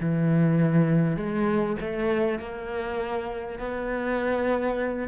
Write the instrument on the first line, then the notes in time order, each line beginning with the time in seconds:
cello
0.00 E3
1.16 G#3
1.80 A3
2.39 A#3
3.59 B3